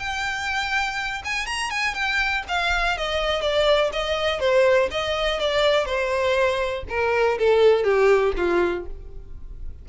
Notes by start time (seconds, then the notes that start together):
0.00 G5
1.25 G#5
1.47 A#5
1.71 G#5
1.95 G5
2.49 F5
2.98 D#5
3.42 D5
3.93 D#5
4.41 C5
4.91 D#5
5.41 D5
5.86 C5
6.89 A#4
7.39 A4
7.84 G4
8.37 F4